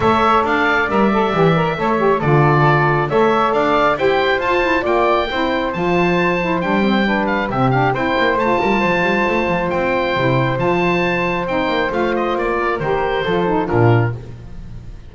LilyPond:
<<
  \new Staff \with { instrumentName = "oboe" } { \time 4/4 \tempo 4 = 136 e''4 f''4 e''2~ | e''4 d''2 e''4 | f''4 g''4 a''4 g''4~ | g''4 a''2 g''4~ |
g''8 f''8 e''8 f''8 g''4 a''4~ | a''2 g''2 | a''2 g''4 f''8 dis''8 | d''4 c''2 ais'4 | }
  \new Staff \with { instrumentName = "flute" } { \time 4/4 cis''4 d''2. | cis''4 a'2 cis''4 | d''4 c''2 d''4 | c''1 |
b'4 g'4 c''4. ais'8 | c''1~ | c''1~ | c''8 ais'4. a'4 f'4 | }
  \new Staff \with { instrumentName = "saxophone" } { \time 4/4 a'2 ais'8 a'8 g'8 ais'8 | a'8 g'8 f'2 a'4~ | a'4 g'4 f'8 e'8 f'4 | e'4 f'4. e'8 d'8 c'8 |
d'4 c'8 d'8 e'4 f'4~ | f'2. e'4 | f'2 dis'4 f'4~ | f'4 g'4 f'8 dis'8 d'4 | }
  \new Staff \with { instrumentName = "double bass" } { \time 4/4 a4 d'4 g4 e4 | a4 d2 a4 | d'4 e'4 f'4 ais4 | c'4 f2 g4~ |
g4 c4 c'8 ais8 a8 g8 | f8 g8 a8 f8 c'4 c4 | f2 c'8 ais8 a4 | ais4 dis4 f4 ais,4 | }
>>